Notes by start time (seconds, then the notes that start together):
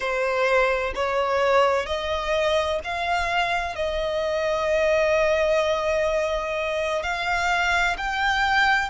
0.00 C5
0.95 C#5
1.85 D#5
2.84 F5
3.75 D#5
7.02 F5
7.97 G5